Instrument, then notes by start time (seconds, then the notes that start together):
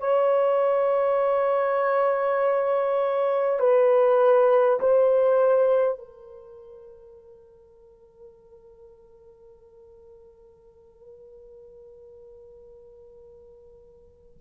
horn
0.00 C#5
3.60 B4
4.80 C5
5.98 A#4